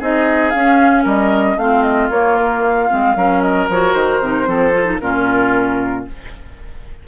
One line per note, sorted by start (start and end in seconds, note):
0.00 0.54 C4
0.00 0.54 D#4
0.00 1.04 G#4
0.00 0.51 D#5
0.51 1.05 C#4
0.51 1.59 C#4
0.51 1.03 F5
1.04 1.56 G3
1.04 1.56 A#4
1.04 1.59 D#5
1.56 2.09 A3
1.56 2.11 C4
1.56 3.17 F4
1.56 1.83 F5
1.83 2.09 D#5
2.10 2.89 A#3
2.10 2.90 A#3
2.10 2.36 C#5
2.36 2.62 A#4
2.63 3.42 F5
2.90 3.16 G#3
2.90 3.16 C4
3.16 3.68 F#3
3.16 3.70 C#4
3.16 4.49 A#4
3.42 3.68 D#5
3.69 3.95 F3
3.69 4.24 F#4
3.69 3.94 C#5
3.94 4.20 D#3
3.94 4.99 C5
4.20 4.47 C3
4.20 4.46 D#4
4.46 5.00 F3
4.46 4.72 C4
4.46 5.01 A4
4.73 4.85 F4
4.85 4.99 D#4
5.00 6.06 A#2
5.00 6.07 C#4
5.00 6.08 F4
5.00 6.05 A#4